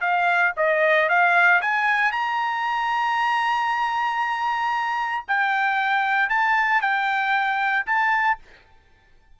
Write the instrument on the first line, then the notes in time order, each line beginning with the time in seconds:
trumpet
0.00 F5
0.56 D#5
1.09 F5
1.61 G#5
2.12 A#5
5.27 G5
6.29 A5
6.81 G5
7.86 A5